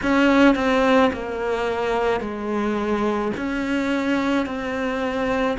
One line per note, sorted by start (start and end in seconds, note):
0.02 0.55 C#4
0.55 1.11 C4
1.12 2.20 A#3
2.20 3.31 G#3
3.36 4.45 C#4
4.45 5.57 C4